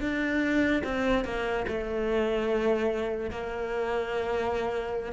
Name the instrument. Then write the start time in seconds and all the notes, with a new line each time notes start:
cello
0.00 D4
0.83 C4
1.24 A#3
1.67 A3
3.30 A#3